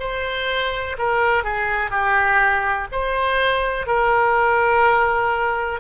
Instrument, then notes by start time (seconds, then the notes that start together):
oboe
0.00 C5
0.99 A#4
1.44 G#4
1.91 G4
2.92 C5
3.87 A#4